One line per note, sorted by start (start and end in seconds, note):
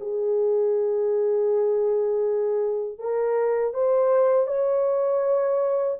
0.00 2.98 G#4
2.98 3.73 A#4
3.74 4.47 C5
4.47 5.97 C#5